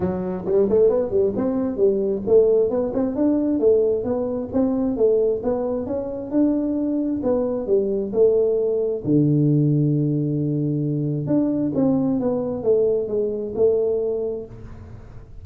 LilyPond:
\new Staff \with { instrumentName = "tuba" } { \time 4/4 \tempo 4 = 133 fis4 g8 a8 b8 g8 c'4 | g4 a4 b8 c'8 d'4 | a4 b4 c'4 a4 | b4 cis'4 d'2 |
b4 g4 a2 | d1~ | d4 d'4 c'4 b4 | a4 gis4 a2 | }